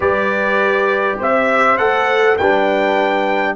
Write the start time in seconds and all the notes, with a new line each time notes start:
0.00 G3 G4 B4 D5
1.17 C4 C5 E5
1.77 A3 A4 F#5
2.37 G3 D4 B4 G5